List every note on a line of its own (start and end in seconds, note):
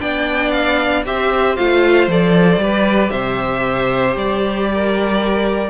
0.00 1.05 B3
0.00 1.04 D4
0.00 1.04 D5
0.00 0.51 G5
0.51 1.03 F5
1.05 1.57 C4
1.05 1.57 G4
1.05 2.62 C5
1.05 1.56 E5
1.56 2.08 A3
1.56 2.09 F4
1.56 2.08 F5
2.08 2.57 F3
2.08 2.61 A4
2.08 3.10 D5
2.57 3.09 G3
2.57 5.70 G4
2.57 3.12 B4
3.10 4.15 C3
3.10 4.68 C5
3.10 4.14 E5
4.15 5.70 G3
4.15 5.70 D5
4.74 5.70 A#4